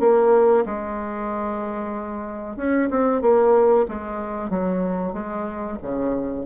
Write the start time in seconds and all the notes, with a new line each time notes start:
0.00 A#3
0.65 G#3
2.56 C#4
2.90 C4
3.21 A#3
3.88 G#3
4.50 F#3
5.13 G#3
5.82 C#3